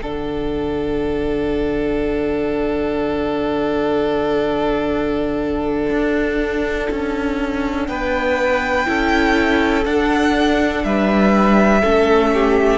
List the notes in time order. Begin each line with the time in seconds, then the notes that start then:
0.00 D3 D4 A4 F#5
5.90 D4
6.90 C#4
7.87 B3 B4 G5
8.85 C#4 E4 A4
9.85 D4 F#5
10.84 G3 B4 E5
11.81 A3 C#4 A4
12.33 G4